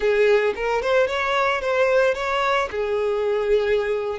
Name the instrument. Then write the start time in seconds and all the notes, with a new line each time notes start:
violin
0.00 G#4
0.55 A#4
0.82 C5
1.07 C#5
1.61 C5
2.14 C#5
2.70 G#4